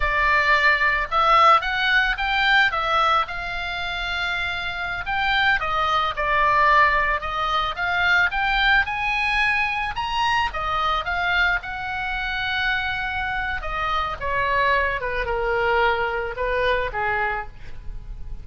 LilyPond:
\new Staff \with { instrumentName = "oboe" } { \time 4/4 \tempo 4 = 110 d''2 e''4 fis''4 | g''4 e''4 f''2~ | f''4~ f''16 g''4 dis''4 d''8.~ | d''4~ d''16 dis''4 f''4 g''8.~ |
g''16 gis''2 ais''4 dis''8.~ | dis''16 f''4 fis''2~ fis''8.~ | fis''4 dis''4 cis''4. b'8 | ais'2 b'4 gis'4 | }